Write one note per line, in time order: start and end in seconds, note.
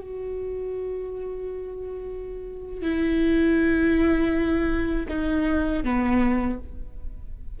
0.00 2.81 F#4
2.81 5.06 E4
5.08 5.83 D#4
5.83 6.58 B3